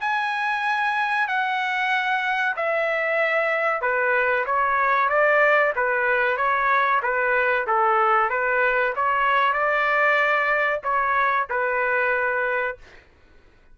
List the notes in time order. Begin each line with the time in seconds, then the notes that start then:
0.00 G#5
1.28 F#5
2.56 E5
3.81 B4
4.45 C#5
5.09 D5
5.76 B4
6.37 C#5
7.02 B4
7.67 A4
8.29 B4
8.95 C#5
9.53 D5
10.83 C#5
11.50 B4